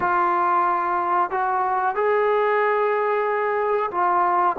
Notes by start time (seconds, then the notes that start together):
0.00 F4
1.30 F#4
1.95 G#4
3.91 F4